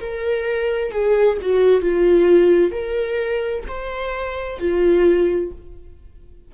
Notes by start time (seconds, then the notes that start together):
0.00 A#4
0.91 G#4
1.41 F#4
1.81 F4
2.71 A#4
3.68 C5
4.59 F4